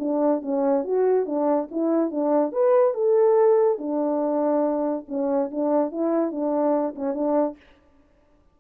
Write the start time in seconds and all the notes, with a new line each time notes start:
0.00 D4
0.42 C#4
0.85 F#4
1.26 D4
1.71 E4
2.11 D4
2.53 B4
2.95 A4
3.79 D4
5.09 C#4
5.52 D4
5.92 E4
6.32 D4
6.96 C#4
7.15 D4